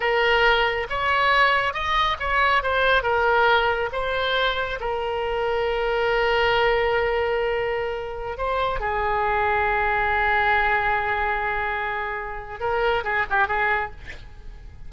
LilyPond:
\new Staff \with { instrumentName = "oboe" } { \time 4/4 \tempo 4 = 138 ais'2 cis''2 | dis''4 cis''4 c''4 ais'4~ | ais'4 c''2 ais'4~ | ais'1~ |
ais'2.~ ais'16 c''8.~ | c''16 gis'2.~ gis'8.~ | gis'1~ | gis'4 ais'4 gis'8 g'8 gis'4 | }